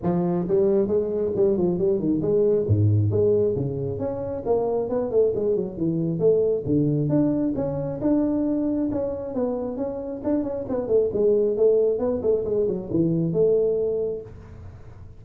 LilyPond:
\new Staff \with { instrumentName = "tuba" } { \time 4/4 \tempo 4 = 135 f4 g4 gis4 g8 f8 | g8 dis8 gis4 gis,4 gis4 | cis4 cis'4 ais4 b8 a8 | gis8 fis8 e4 a4 d4 |
d'4 cis'4 d'2 | cis'4 b4 cis'4 d'8 cis'8 | b8 a8 gis4 a4 b8 a8 | gis8 fis8 e4 a2 | }